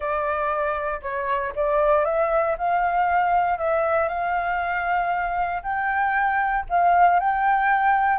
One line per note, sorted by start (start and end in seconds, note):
0.00 1.00 D5
1.02 1.53 C#5
1.55 2.05 D5
2.05 2.56 E5
2.58 3.58 F5
3.58 4.08 E5
4.08 5.62 F5
5.62 6.65 G5
6.69 7.19 F5
7.19 8.18 G5